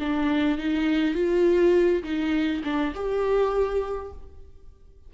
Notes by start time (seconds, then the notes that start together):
0.00 D4
0.59 D#4
1.15 F4
2.04 D#4
2.64 D4
2.95 G4